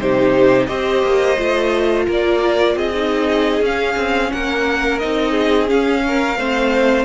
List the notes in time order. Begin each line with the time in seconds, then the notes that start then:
0.00 C3 D#4 G4 C5
0.66 C4 G4 C5 D#5
1.03 A#3
1.37 A3 F4
2.07 A#3 A#4 D5
2.76 C4 G#4 D#5
2.95 D#4
3.61 C#4 F5
3.96 C4
4.33 A#3 A#4 F#5
4.99 C4 D#4 D#5
5.31 G#4
5.68 C#4 F5
6.07 A#4
6.38 A3 C4 C5